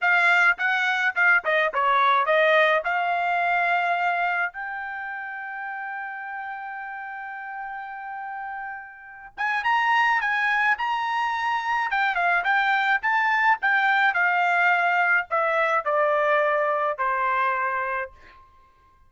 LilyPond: \new Staff \with { instrumentName = "trumpet" } { \time 4/4 \tempo 4 = 106 f''4 fis''4 f''8 dis''8 cis''4 | dis''4 f''2. | g''1~ | g''1~ |
g''8 gis''8 ais''4 gis''4 ais''4~ | ais''4 g''8 f''8 g''4 a''4 | g''4 f''2 e''4 | d''2 c''2 | }